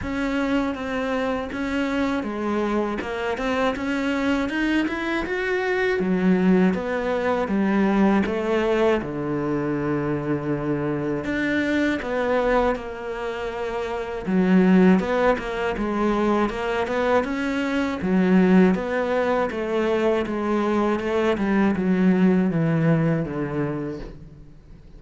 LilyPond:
\new Staff \with { instrumentName = "cello" } { \time 4/4 \tempo 4 = 80 cis'4 c'4 cis'4 gis4 | ais8 c'8 cis'4 dis'8 e'8 fis'4 | fis4 b4 g4 a4 | d2. d'4 |
b4 ais2 fis4 | b8 ais8 gis4 ais8 b8 cis'4 | fis4 b4 a4 gis4 | a8 g8 fis4 e4 d4 | }